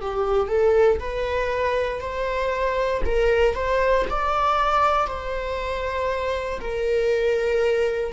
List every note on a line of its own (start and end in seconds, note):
0.00 0.48 G4
0.48 0.98 A4
0.99 2.00 B4
2.00 3.01 C5
3.05 3.54 A#4
3.54 4.05 C5
4.10 5.07 D5
5.07 6.59 C5
6.60 8.12 A#4